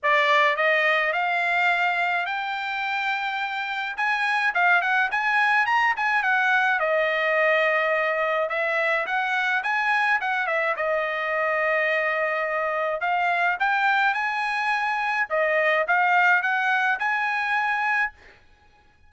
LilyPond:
\new Staff \with { instrumentName = "trumpet" } { \time 4/4 \tempo 4 = 106 d''4 dis''4 f''2 | g''2. gis''4 | f''8 fis''8 gis''4 ais''8 gis''8 fis''4 | dis''2. e''4 |
fis''4 gis''4 fis''8 e''8 dis''4~ | dis''2. f''4 | g''4 gis''2 dis''4 | f''4 fis''4 gis''2 | }